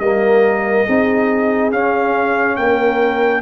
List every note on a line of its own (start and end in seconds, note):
0.00 0.86 G3
0.00 0.87 A#3
0.00 0.86 A#4
0.00 1.71 D#5
0.86 1.72 C4
0.86 1.73 D#4
0.86 2.57 G#4
1.72 2.58 C#4
1.72 3.42 C#4
1.72 2.56 F5
2.56 3.42 A#3
2.56 3.42 A#4
2.56 3.42 G5